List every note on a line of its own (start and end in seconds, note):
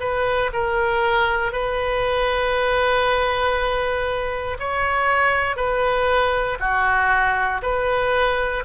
0.00 0.51 B4
0.54 1.53 A#4
1.53 4.58 B4
4.60 5.57 C#5
5.57 6.58 B4
6.60 7.62 F#4
7.63 8.64 B4